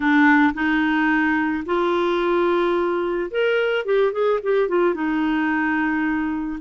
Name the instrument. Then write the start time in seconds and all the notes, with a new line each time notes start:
clarinet
0.00 D4
0.54 D#4
1.65 F4
3.31 A#4
3.85 G4
4.12 G#4
4.42 G4
4.68 F4
4.94 D#4